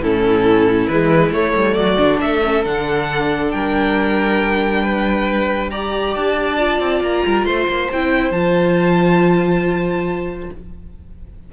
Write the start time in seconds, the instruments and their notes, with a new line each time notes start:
0.00 cello A2, viola C#4, violin E4 A4
0.87 cello E3, viola G#3, violin B4
1.31 cello A3, viola A3, violin C#5
1.55 cello G3
1.74 cello F#3, violin F#4 D5
1.98 cello D3, viola D4
2.21 cello A3, violin A4 E5
2.44 viola C#4
2.64 cello D3, viola D4, violin F#5
3.51 cello G3, violin A#4 G5
4.83 violin B4
5.70 viola G4, violin D5 A#5
6.15 cello D4, violin A5
6.57 viola F4
6.80 cello C4
7.00 cello A#3, violin A#5
7.26 cello G3, violin A#4
7.45 cello A3, violin C5 C6
7.68 cello A#3
7.92 cello C4, viola E4, violin G5
8.31 cello F3, viola F4, violin A5